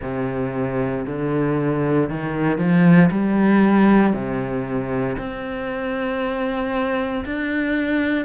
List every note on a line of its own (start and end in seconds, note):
0.01 1.05 C3
1.06 2.09 D3
2.09 2.58 D#3
2.58 3.09 F3
3.10 4.13 G3
4.13 5.16 C3
5.17 7.24 C4
7.25 8.25 D4